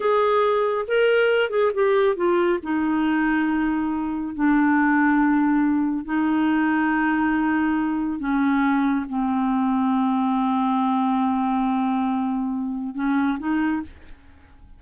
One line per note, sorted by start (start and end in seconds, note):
0.00 0.85 G#4
0.87 1.50 A#4
1.50 1.71 G#4
1.74 2.15 G4
2.15 2.59 F4
2.62 4.34 D#4
4.34 6.04 D4
6.04 8.19 D#4
8.19 9.05 C#4
9.08 12.94 C4
12.94 13.37 C#4
13.38 13.81 D#4